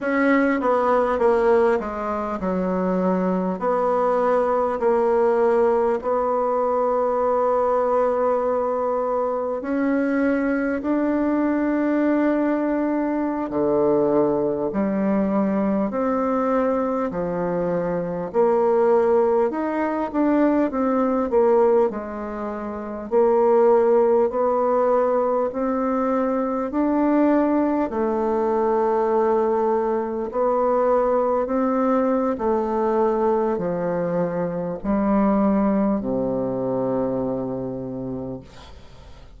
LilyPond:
\new Staff \with { instrumentName = "bassoon" } { \time 4/4 \tempo 4 = 50 cis'8 b8 ais8 gis8 fis4 b4 | ais4 b2. | cis'4 d'2~ d'16 d8.~ | d16 g4 c'4 f4 ais8.~ |
ais16 dis'8 d'8 c'8 ais8 gis4 ais8.~ | ais16 b4 c'4 d'4 a8.~ | a4~ a16 b4 c'8. a4 | f4 g4 c2 | }